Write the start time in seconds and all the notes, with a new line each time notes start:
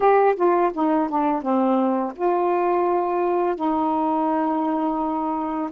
0.00 G4
0.36 F4
0.73 D#4
1.09 D4
1.42 C4
2.15 F4
3.55 D#4